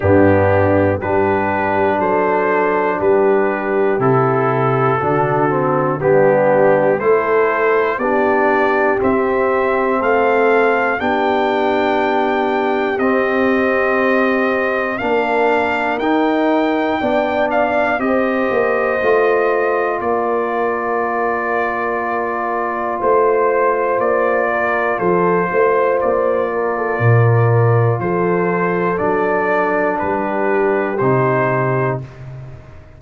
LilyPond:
<<
  \new Staff \with { instrumentName = "trumpet" } { \time 4/4 \tempo 4 = 60 g'4 b'4 c''4 b'4 | a'2 g'4 c''4 | d''4 e''4 f''4 g''4~ | g''4 dis''2 f''4 |
g''4. f''8 dis''2 | d''2. c''4 | d''4 c''4 d''2 | c''4 d''4 b'4 c''4 | }
  \new Staff \with { instrumentName = "horn" } { \time 4/4 d'4 g'4 a'4 g'4~ | g'4 fis'4 d'4 a'4 | g'2 a'4 g'4~ | g'2. ais'4~ |
ais'4 d''4 c''2 | ais'2. c''4~ | c''8 ais'8 a'8 c''4 ais'16 a'16 ais'4 | a'2 g'2 | }
  \new Staff \with { instrumentName = "trombone" } { \time 4/4 b4 d'2. | e'4 d'8 c'8 b4 e'4 | d'4 c'2 d'4~ | d'4 c'2 d'4 |
dis'4 d'4 g'4 f'4~ | f'1~ | f'1~ | f'4 d'2 dis'4 | }
  \new Staff \with { instrumentName = "tuba" } { \time 4/4 g,4 g4 fis4 g4 | c4 d4 g4 a4 | b4 c'4 a4 b4~ | b4 c'2 ais4 |
dis'4 b4 c'8 ais8 a4 | ais2. a4 | ais4 f8 a8 ais4 ais,4 | f4 fis4 g4 c4 | }
>>